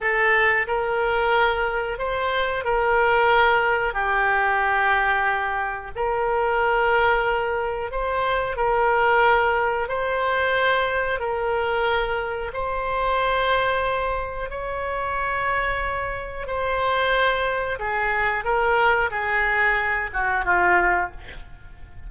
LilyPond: \new Staff \with { instrumentName = "oboe" } { \time 4/4 \tempo 4 = 91 a'4 ais'2 c''4 | ais'2 g'2~ | g'4 ais'2. | c''4 ais'2 c''4~ |
c''4 ais'2 c''4~ | c''2 cis''2~ | cis''4 c''2 gis'4 | ais'4 gis'4. fis'8 f'4 | }